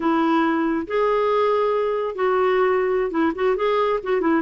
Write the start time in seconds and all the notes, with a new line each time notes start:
0.00 E4
0.87 G#4
2.15 F#4
3.11 E4
3.35 F#4
3.56 G#4
4.03 F#4
4.21 E4